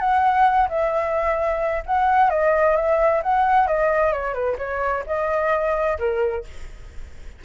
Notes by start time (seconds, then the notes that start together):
0.00 F#5
0.69 E5
1.87 F#5
2.30 D#5
2.76 E5
3.23 F#5
3.67 D#5
4.13 C#5
4.34 B4
4.59 C#5
5.07 D#5
5.99 A#4